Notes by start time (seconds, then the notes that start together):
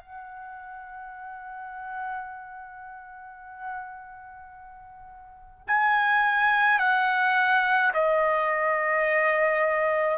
0.00 F#5
5.67 G#5
6.79 F#5
7.93 D#5